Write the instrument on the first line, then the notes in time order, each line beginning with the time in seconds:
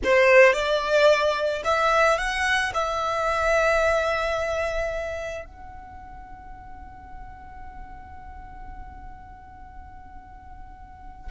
violin
0.03 C5
0.53 D5
1.64 E5
2.18 F#5
2.73 E5
5.45 F#5